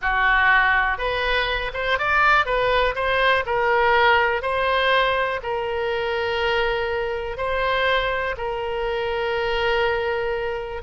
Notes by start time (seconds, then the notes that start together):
0.01 F#4
0.97 B4
1.73 C5
1.98 D5
2.45 B4
2.95 C5
3.46 A#4
4.42 C5
5.42 A#4
7.37 C5
8.37 A#4